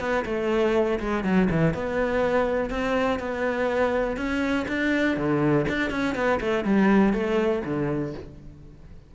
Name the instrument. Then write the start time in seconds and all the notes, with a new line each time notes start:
cello
0.00 B3
0.25 A3
1.00 G#3
1.24 F#3
1.51 E3
1.74 B3
2.70 C4
3.19 B3
4.17 C#4
4.68 D4
5.17 D3
5.68 D4
5.91 C#4
6.15 B3
6.40 A3
6.65 G3
7.14 A3
7.65 D3